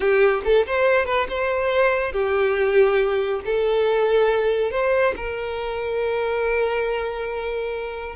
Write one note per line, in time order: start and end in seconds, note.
0.00 0.41 G4
0.44 0.66 A4
0.66 1.05 C5
1.05 1.27 B4
1.28 2.12 C5
2.12 3.41 G4
3.45 4.71 A4
4.71 5.14 C5
5.16 8.15 A#4